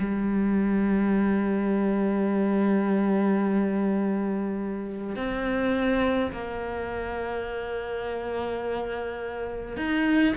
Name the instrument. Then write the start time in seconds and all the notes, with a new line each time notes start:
cello
0.00 G3
5.17 C4
6.33 A#3
9.77 D#4